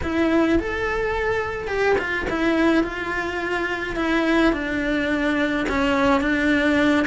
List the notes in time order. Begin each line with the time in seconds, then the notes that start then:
0.03 E4
0.59 A4
1.67 G4
1.98 F4
2.29 E4
2.83 F4
3.96 E4
4.52 D4
5.69 C#4
6.21 D4